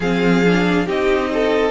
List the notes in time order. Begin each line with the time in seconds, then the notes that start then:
0.00 F3 C4 G#4 F5
0.45 D4
0.86 C4 D#4 G4 D#5
1.33 A4